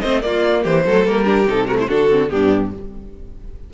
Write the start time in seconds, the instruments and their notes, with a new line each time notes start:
0.00 cello A3, viola C4, violin C5 D#5
0.21 viola A#3, cello A#3, violin F4 D5
0.63 cello E3, violin G4 C5
0.85 cello F#3, viola A3, violin A4
1.05 cello G3, viola A#3, violin A#4
1.24 viola D4, violin G4
1.47 cello C3, viola D#4, violin A4
1.66 viola A3, violin F#4 A#4
1.79 violin E4 C5
1.87 cello D3, viola D4, violin F#4 A4
2.09 viola C4
2.29 cello G2, viola B3, violin D4 G4